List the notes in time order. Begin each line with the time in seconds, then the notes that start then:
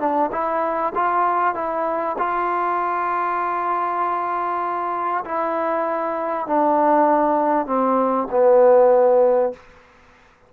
0.00 D4
0.32 E4
0.95 F4
1.55 E4
2.18 F4
5.25 E4
6.47 D4
7.67 C4
8.31 B3